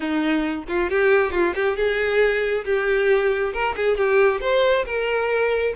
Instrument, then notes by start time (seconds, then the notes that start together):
violin
0.00 D#4
0.68 F4
0.90 G4
1.31 F4
1.54 G4
1.76 G#4
2.64 G4
3.53 A#4
3.76 G#4
3.97 G4
4.41 C5
4.85 A#4